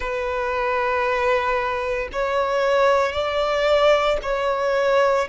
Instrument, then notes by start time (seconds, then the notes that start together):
violin
0.00 B4
2.12 C#5
3.12 D5
4.22 C#5